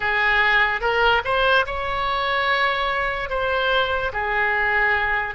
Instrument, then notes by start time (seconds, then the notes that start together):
oboe
0.00 G#4
0.80 A#4
1.24 C5
1.66 C#5
3.29 C5
4.12 G#4